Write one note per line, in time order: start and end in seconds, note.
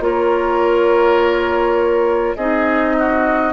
0.00 2.35 A#3
0.00 2.36 F4
0.00 2.37 A#4
0.00 2.36 C#5
2.36 3.53 C4
2.36 3.53 D#4
2.36 2.96 G#4
2.36 3.53 D#5
2.99 3.53 F#4